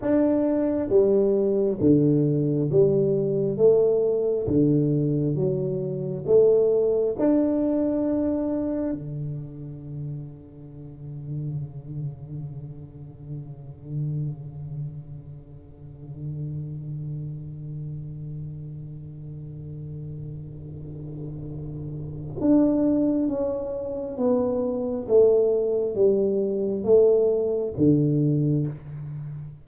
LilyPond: \new Staff \with { instrumentName = "tuba" } { \time 4/4 \tempo 4 = 67 d'4 g4 d4 g4 | a4 d4 fis4 a4 | d'2 d2~ | d1~ |
d1~ | d1~ | d4 d'4 cis'4 b4 | a4 g4 a4 d4 | }